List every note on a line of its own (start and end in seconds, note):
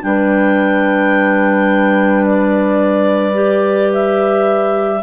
0.00 5.03 G3
0.00 3.33 D4
0.00 2.25 G5
0.06 5.03 B4
2.25 3.92 D5
3.34 5.00 G4
3.93 5.03 E5